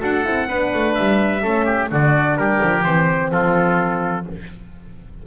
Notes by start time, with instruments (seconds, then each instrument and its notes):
0.00 double bass D4, horn F#4, oboe A4, trumpet F#5
0.23 double bass C4, horn E4
0.48 double bass B3, horn D4, oboe B4
0.74 double bass A3
0.94 double bass G3, trumpet E5
1.42 double bass A3, horn C#4, oboe A4
1.65 oboe G4
1.90 double bass D3, horn D4, oboe F#4, trumpet D5
2.37 double bass G3, oboe G4, trumpet A#4
2.62 double bass F3
2.83 double bass E3, horn C4, trumpet C5
3.31 double bass F3, oboe F4, trumpet A4